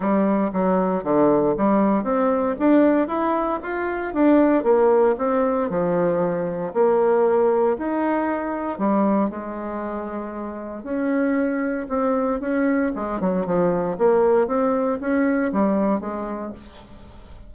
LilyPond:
\new Staff \with { instrumentName = "bassoon" } { \time 4/4 \tempo 4 = 116 g4 fis4 d4 g4 | c'4 d'4 e'4 f'4 | d'4 ais4 c'4 f4~ | f4 ais2 dis'4~ |
dis'4 g4 gis2~ | gis4 cis'2 c'4 | cis'4 gis8 fis8 f4 ais4 | c'4 cis'4 g4 gis4 | }